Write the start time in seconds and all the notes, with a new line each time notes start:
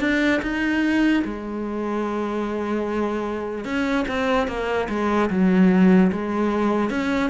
0.00 D4
0.42 D#4
1.25 G#3
3.64 C#4
4.08 C4
4.47 A#3
4.89 G#3
5.30 F#3
6.12 G#3
6.90 C#4